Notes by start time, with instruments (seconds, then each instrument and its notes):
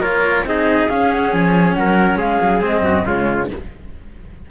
0.00 cello A#3 F4, trumpet A#4, flute C#5
0.44 cello C4 D#4, trumpet G#4, flute D#5
0.89 cello C#4, flute F5
1.11 flute F#5
1.33 cello F3, flute G#5
1.75 cello F#3, trumpet A#4, flute F#5
2.16 cello G#3, trumpet G#4, flute F5
2.42 cello F#3
2.61 cello G#3 C4, flute D#5
2.82 cello F#2, trumpet F#4
3.06 cello C#3 G#3, trumpet F4, flute C#5